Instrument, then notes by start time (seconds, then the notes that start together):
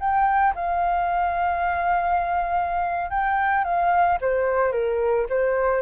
flute
0.00 G5
0.55 F5
3.11 G5
3.64 F5
4.21 C5
4.72 A#4
5.30 C5